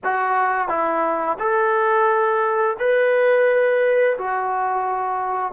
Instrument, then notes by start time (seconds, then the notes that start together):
trombone
0.04 F#4
0.68 E4
1.39 A4
2.79 B4
4.18 F#4